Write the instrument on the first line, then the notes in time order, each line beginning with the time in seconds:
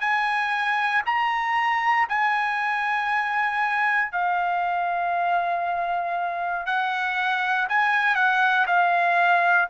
trumpet
0.00 G#5
1.05 A#5
2.08 G#5
4.11 F5
6.66 F#5
7.69 G#5
8.14 F#5
8.66 F5